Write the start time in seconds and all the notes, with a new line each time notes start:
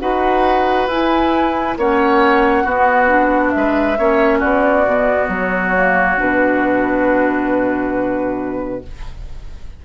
0.00 D#4 F#4 B4 F#5
0.88 E4 G#5
1.78 A#3 C#4 C#5 F#5
2.64 B3 F#4
3.09 D4
3.51 G#3 E5
3.57 B4
3.99 A#3 C#4 C#5
4.40 B3 F#4 D5
4.86 B2 B3
5.29 F#3 C#5
5.75 A#3
6.18 B2 D4 B4